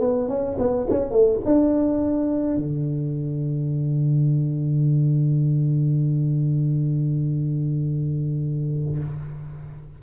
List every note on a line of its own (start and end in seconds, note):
0.00 0.28 B3
0.28 0.57 C#4
0.58 0.86 B3
0.90 1.10 C#4
1.10 1.39 A3
1.45 2.57 D4
2.57 8.99 D3